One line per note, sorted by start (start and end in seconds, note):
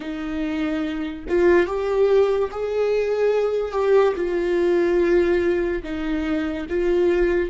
0.00 1.25 D#4
1.28 1.66 F4
1.66 2.49 G4
2.51 3.71 G#4
3.71 4.13 G4
4.16 5.83 F4
5.83 6.66 D#4
6.69 7.50 F4